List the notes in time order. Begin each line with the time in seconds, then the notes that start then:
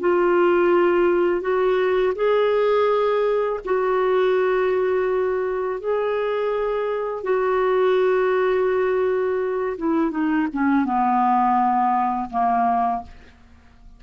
0.00 F4
1.41 F#4
2.16 G#4
3.65 F#4
5.80 G#4
7.24 F#4
9.78 E4
10.11 D#4
10.53 C#4
10.85 B3
12.30 A#3